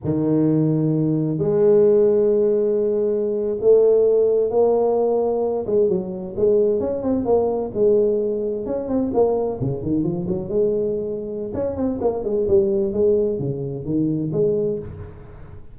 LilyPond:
\new Staff \with { instrumentName = "tuba" } { \time 4/4 \tempo 4 = 130 dis2. gis4~ | gis2.~ gis8. a16~ | a4.~ a16 ais2~ ais16~ | ais16 gis8 fis4 gis4 cis'8 c'8 ais16~ |
ais8. gis2 cis'8 c'8 ais16~ | ais8. cis8 dis8 f8 fis8 gis4~ gis16~ | gis4 cis'8 c'8 ais8 gis8 g4 | gis4 cis4 dis4 gis4 | }